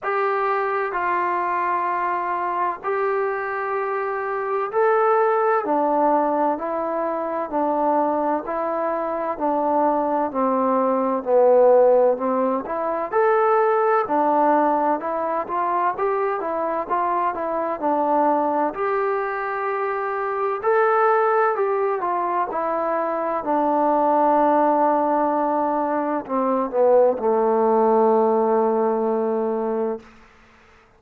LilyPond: \new Staff \with { instrumentName = "trombone" } { \time 4/4 \tempo 4 = 64 g'4 f'2 g'4~ | g'4 a'4 d'4 e'4 | d'4 e'4 d'4 c'4 | b4 c'8 e'8 a'4 d'4 |
e'8 f'8 g'8 e'8 f'8 e'8 d'4 | g'2 a'4 g'8 f'8 | e'4 d'2. | c'8 b8 a2. | }